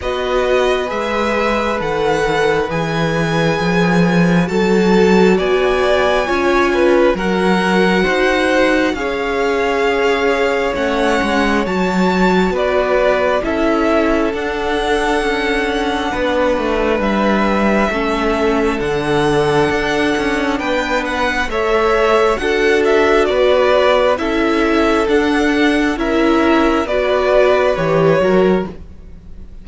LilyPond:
<<
  \new Staff \with { instrumentName = "violin" } { \time 4/4 \tempo 4 = 67 dis''4 e''4 fis''4 gis''4~ | gis''4 a''4 gis''2 | fis''2 f''2 | fis''4 a''4 d''4 e''4 |
fis''2. e''4~ | e''4 fis''2 g''8 fis''8 | e''4 fis''8 e''8 d''4 e''4 | fis''4 e''4 d''4 cis''4 | }
  \new Staff \with { instrumentName = "violin" } { \time 4/4 b'1~ | b'4 a'4 d''4 cis''8 b'8 | ais'4 c''4 cis''2~ | cis''2 b'4 a'4~ |
a'2 b'2 | a'2. b'4 | cis''4 a'4 b'4 a'4~ | a'4 ais'4 b'4. ais'8 | }
  \new Staff \with { instrumentName = "viola" } { \time 4/4 fis'4 gis'4 a'4 gis'4~ | gis'4 fis'2 f'4 | fis'2 gis'2 | cis'4 fis'2 e'4 |
d'1 | cis'4 d'2. | a'4 fis'2 e'4 | d'4 e'4 fis'4 g'8 fis'8 | }
  \new Staff \with { instrumentName = "cello" } { \time 4/4 b4 gis4 dis4 e4 | f4 fis4 b4 cis'4 | fis4 dis'4 cis'2 | a8 gis8 fis4 b4 cis'4 |
d'4 cis'4 b8 a8 g4 | a4 d4 d'8 cis'8 b4 | a4 d'4 b4 cis'4 | d'4 cis'4 b4 e8 fis8 | }
>>